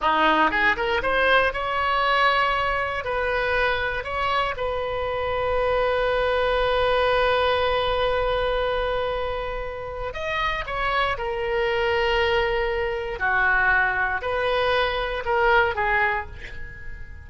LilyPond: \new Staff \with { instrumentName = "oboe" } { \time 4/4 \tempo 4 = 118 dis'4 gis'8 ais'8 c''4 cis''4~ | cis''2 b'2 | cis''4 b'2.~ | b'1~ |
b'1 | dis''4 cis''4 ais'2~ | ais'2 fis'2 | b'2 ais'4 gis'4 | }